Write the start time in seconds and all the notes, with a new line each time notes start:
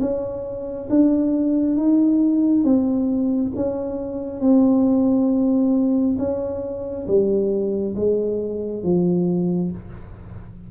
0.00 C#4
0.89 D4
1.76 D#4
2.64 C4
3.55 C#4
4.40 C4
6.18 C#4
7.07 G3
7.95 G#3
8.83 F3